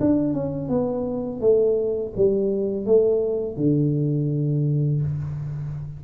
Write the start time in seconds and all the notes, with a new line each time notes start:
0.00 D4
0.33 C#4
0.68 B3
1.41 A3
2.16 G3
2.86 A3
3.57 D3